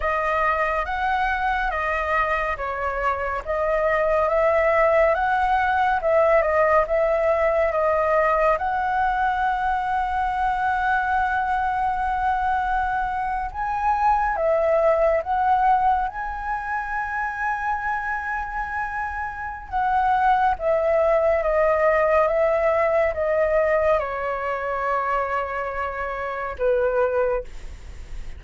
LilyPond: \new Staff \with { instrumentName = "flute" } { \time 4/4 \tempo 4 = 70 dis''4 fis''4 dis''4 cis''4 | dis''4 e''4 fis''4 e''8 dis''8 | e''4 dis''4 fis''2~ | fis''2.~ fis''8. gis''16~ |
gis''8. e''4 fis''4 gis''4~ gis''16~ | gis''2. fis''4 | e''4 dis''4 e''4 dis''4 | cis''2. b'4 | }